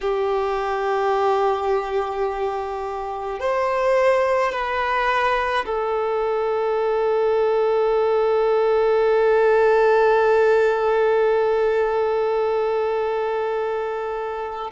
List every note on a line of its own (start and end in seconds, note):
0.01 3.40 G4
3.40 4.51 C5
4.51 5.64 B4
5.66 14.71 A4